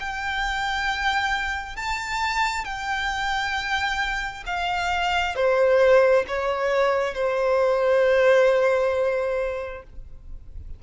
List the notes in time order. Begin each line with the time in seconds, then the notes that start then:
0.00 G5
1.77 A5
2.65 G5
4.47 F5
5.36 C5
6.28 C#5
7.15 C5